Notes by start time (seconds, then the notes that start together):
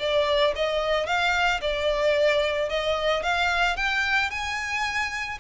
0.00 D5
0.56 D#5
1.07 F5
1.61 D5
2.69 D#5
3.23 F5
3.76 G5
4.31 G#5